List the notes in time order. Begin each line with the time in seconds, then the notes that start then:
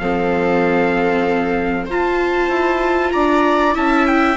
0.00 F3 C4 A4 F5
1.86 F4 C5 A5
2.49 E4
3.12 D4 D5 A#5
3.73 C#4 E4 E5 A5
4.07 G5